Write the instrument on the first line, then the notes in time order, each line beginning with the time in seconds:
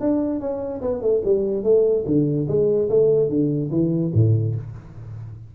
tuba
0.00 D4
0.40 C#4
0.81 B3
1.01 A3
1.25 G3
1.63 A3
2.06 D3
2.48 G#3
2.89 A3
3.29 D3
3.70 E3
4.14 A2